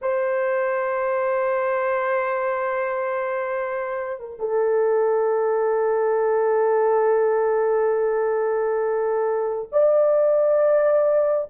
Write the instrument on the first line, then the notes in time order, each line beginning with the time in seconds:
horn
0.01 C5
4.19 A#4
4.39 A4
9.72 D5